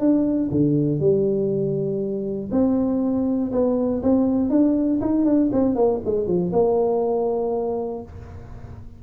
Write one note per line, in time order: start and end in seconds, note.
0.00 0.50 D4
0.51 1.00 D3
1.00 2.50 G3
2.51 3.51 C4
3.52 4.02 B3
4.03 4.50 C4
4.50 5.00 D4
5.01 5.25 D#4
5.25 5.50 D4
5.52 5.75 C4
5.75 6.00 A#3
6.05 6.27 G#3
6.27 6.52 F3
6.53 8.03 A#3